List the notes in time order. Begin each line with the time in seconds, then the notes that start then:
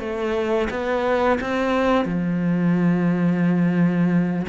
0.00 A3
0.71 B3
1.41 C4
2.05 F3